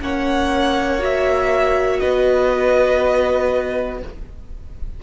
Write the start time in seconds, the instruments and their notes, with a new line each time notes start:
0.00 cello A#3, viola C#4, violin C#5 F#5
1.00 viola F#4, violin E5
2.00 cello B3, violin B4 D#5